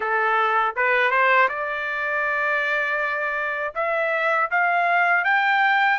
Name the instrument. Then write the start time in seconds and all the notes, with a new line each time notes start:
trumpet
0.00 A4
0.75 B4
1.10 C5
1.49 D5
3.75 E5
4.50 F5
5.24 G5